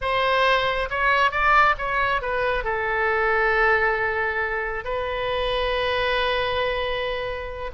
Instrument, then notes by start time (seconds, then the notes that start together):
oboe
0.01 C5
0.90 C#5
1.31 D5
1.78 C#5
2.21 B4
2.64 A4
4.84 B4